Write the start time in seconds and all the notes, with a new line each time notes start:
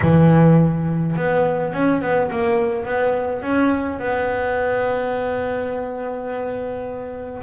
0.01 E3
1.16 B3
1.73 C#4
2.01 B3
2.30 A#3
2.85 B3
3.42 C#4
3.99 B3